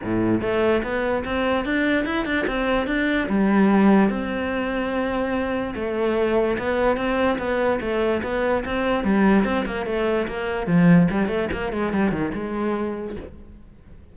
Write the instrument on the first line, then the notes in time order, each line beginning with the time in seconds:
cello
0.03 A2
0.41 A3
0.83 B3
1.24 C4
1.65 D4
2.05 E4
2.25 D4
2.47 C4
2.86 D4
3.28 G3
4.09 C4
5.75 A3
6.58 B3
6.96 C4
7.38 B3
7.80 A3
8.22 B3
8.65 C4
9.04 G3
9.44 C4
9.65 A#3
9.86 A3
10.27 A#3
10.66 F3
11.10 G3
11.28 A3
11.52 A#3
11.72 G#3
11.93 G3
12.11 D#3
12.34 G#3